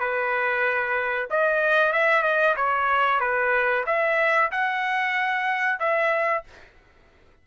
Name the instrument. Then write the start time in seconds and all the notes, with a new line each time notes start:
trumpet
0.00 B4
1.30 D#5
1.93 E5
2.23 D#5
2.57 C#5
3.21 B4
3.87 E5
4.52 F#5
5.80 E5